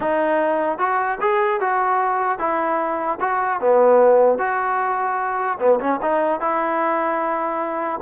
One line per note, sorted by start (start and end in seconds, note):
0.00 0.78 D#4
0.78 1.18 F#4
1.20 1.60 G#4
1.60 2.39 F#4
2.39 3.19 E4
3.20 3.60 F#4
3.60 4.38 B3
4.38 5.58 F#4
5.59 5.79 B3
5.79 5.99 C#4
6.01 6.40 D#4
6.40 8.00 E4